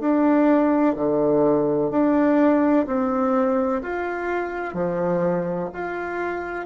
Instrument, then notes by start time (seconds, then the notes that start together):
bassoon
0.00 D4
0.95 D3
1.90 D4
2.86 C4
3.82 F4
4.74 F3
5.73 F4